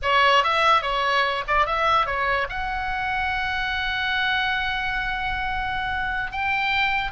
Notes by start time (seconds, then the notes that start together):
0.02 C#5
0.43 E5
0.82 C#5
1.47 D5
1.66 E5
2.06 C#5
2.49 F#5
6.31 G5